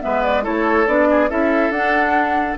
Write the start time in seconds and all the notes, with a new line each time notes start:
0.00 G#3 B3 B4 E5
0.23 D5
0.43 A3 E4 A4 C#5
0.87 B3 D4 D5
1.11 G#4
1.29 C#4 E4 A4 E5
1.70 D4 F#5